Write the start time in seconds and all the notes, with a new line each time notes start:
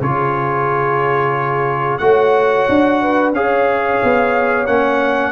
0.00 C#3 F4 G#4 C#5
1.98 A3 F#4 C#5 F#5
2.68 D4
3.02 B4
3.32 C#4 G#4 C#5 F5
4.03 B3
4.66 A#3 C#4 F#5